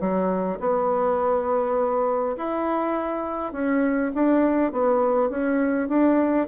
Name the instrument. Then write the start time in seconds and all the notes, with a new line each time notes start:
bassoon
0.00 F#3
0.59 B3
2.37 E4
3.53 C#4
4.14 D4
4.72 B3
5.30 C#4
5.88 D4